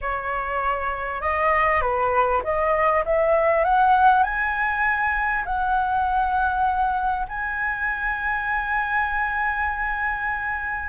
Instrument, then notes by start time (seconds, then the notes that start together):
flute
0.01 C#5
1.21 D#5
1.81 B4
2.43 D#5
3.05 E5
3.64 F#5
4.23 G#5
5.45 F#5
7.28 G#5